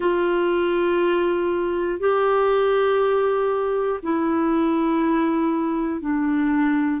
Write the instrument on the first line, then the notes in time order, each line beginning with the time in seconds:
clarinet
0.00 F4
2.00 G4
4.02 E4
6.00 D4